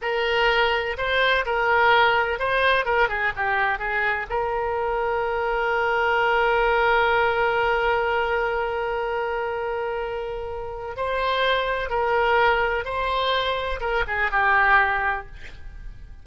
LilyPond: \new Staff \with { instrumentName = "oboe" } { \time 4/4 \tempo 4 = 126 ais'2 c''4 ais'4~ | ais'4 c''4 ais'8 gis'8 g'4 | gis'4 ais'2.~ | ais'1~ |
ais'1~ | ais'2. c''4~ | c''4 ais'2 c''4~ | c''4 ais'8 gis'8 g'2 | }